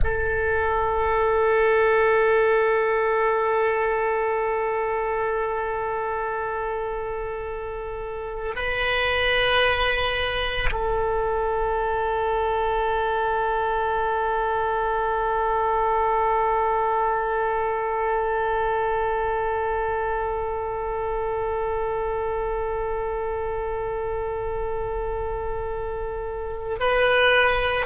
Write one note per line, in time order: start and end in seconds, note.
0.03 8.55 A4
8.55 10.69 B4
10.71 26.78 A4
26.79 27.86 B4